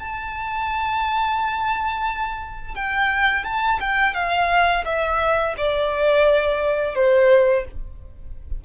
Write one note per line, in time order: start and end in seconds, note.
0.00 2.76 A5
2.76 3.45 G5
3.45 3.80 A5
3.81 4.14 G5
4.14 4.84 F5
4.85 5.55 E5
5.58 6.95 D5
6.95 7.65 C5